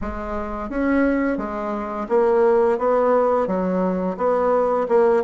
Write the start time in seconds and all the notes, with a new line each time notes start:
0.01 G#3
0.69 C#4
1.37 G#3
2.08 A#3
2.78 B3
3.47 F#3
4.17 B3
4.88 A#3